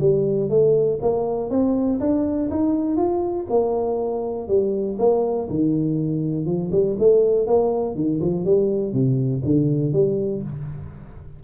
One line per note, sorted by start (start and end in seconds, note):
0.00 0.49 G3
0.49 0.99 A3
1.01 1.50 A#3
1.50 1.99 C4
2.00 2.50 D4
2.50 2.97 D#4
2.97 3.46 F4
3.49 4.48 A#3
4.48 4.97 G3
4.99 5.48 A#3
5.49 6.46 D#3
6.46 6.70 F3
6.71 6.96 G3
6.98 7.47 A3
7.47 7.95 A#3
7.95 8.20 D#3
8.20 8.45 F3
8.45 8.93 G3
8.93 9.42 C3
9.44 9.93 D3
9.93 10.42 G3